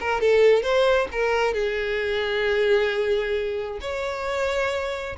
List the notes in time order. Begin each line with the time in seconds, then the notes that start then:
0.00 A#4
0.21 A4
0.63 C5
1.12 A#4
1.54 G#4
3.81 C#5